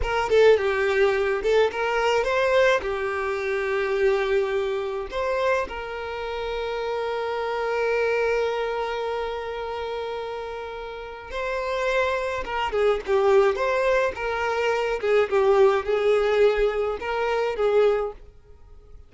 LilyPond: \new Staff \with { instrumentName = "violin" } { \time 4/4 \tempo 4 = 106 ais'8 a'8 g'4. a'8 ais'4 | c''4 g'2.~ | g'4 c''4 ais'2~ | ais'1~ |
ais'1 | c''2 ais'8 gis'8 g'4 | c''4 ais'4. gis'8 g'4 | gis'2 ais'4 gis'4 | }